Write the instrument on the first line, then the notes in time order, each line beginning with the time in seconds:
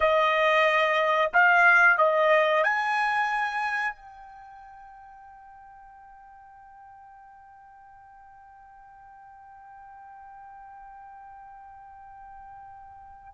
trumpet
0.00 D#5
1.33 F5
1.98 D#5
2.63 G#5
3.95 G5